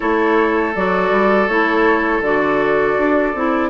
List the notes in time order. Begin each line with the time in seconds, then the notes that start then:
0.00 A3 E4 A4 C#5
0.74 F#3 F#4 D5
1.10 G3
1.47 A3 E4 C#5
2.21 D3 F#4 D5
2.98 D4
3.34 C4 E4